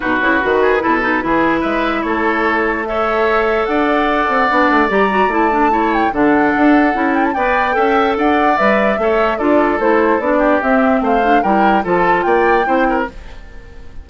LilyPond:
<<
  \new Staff \with { instrumentName = "flute" } { \time 4/4 \tempo 4 = 147 b'1 | e''4 cis''2 e''4~ | e''4 fis''2. | ais''4 a''4. g''8 fis''4~ |
fis''4. g''16 a''16 g''2 | fis''4 e''2 d''4 | c''4 d''4 e''4 f''4 | g''4 a''4 g''2 | }
  \new Staff \with { instrumentName = "oboe" } { \time 4/4 fis'4. gis'8 a'4 gis'4 | b'4 a'2 cis''4~ | cis''4 d''2.~ | d''2 cis''4 a'4~ |
a'2 d''4 e''4 | d''2 cis''4 a'4~ | a'4. g'4. c''4 | ais'4 a'4 d''4 c''8 ais'8 | }
  \new Staff \with { instrumentName = "clarinet" } { \time 4/4 dis'8 e'8 fis'4 e'8 dis'8 e'4~ | e'2. a'4~ | a'2. d'4 | g'8 fis'8 e'8 d'8 e'4 d'4~ |
d'4 e'4 b'4 a'4~ | a'4 b'4 a'4 f'4 | e'4 d'4 c'4. d'8 | e'4 f'2 e'4 | }
  \new Staff \with { instrumentName = "bassoon" } { \time 4/4 b,8 cis8 dis4 b,4 e4 | gis4 a2.~ | a4 d'4. c'8 b8 a8 | g4 a2 d4 |
d'4 cis'4 b4 cis'4 | d'4 g4 a4 d'4 | a4 b4 c'4 a4 | g4 f4 ais4 c'4 | }
>>